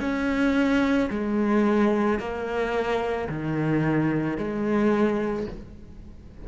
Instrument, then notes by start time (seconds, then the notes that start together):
cello
0.00 C#4
1.10 G#3
2.19 A#3
3.29 D#3
4.37 G#3